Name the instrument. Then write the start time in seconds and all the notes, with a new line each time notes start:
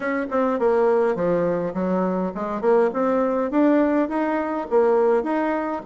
bassoon
0.00 C#4
0.30 C4
0.59 A#3
1.15 F3
1.74 F#3
2.34 G#3
2.61 A#3
2.93 C4
3.50 D4
4.08 D#4
4.69 A#3
5.23 D#4